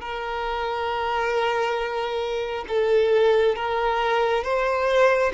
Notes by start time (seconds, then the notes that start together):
0.00 A#4
2.68 A4
3.56 A#4
4.44 C5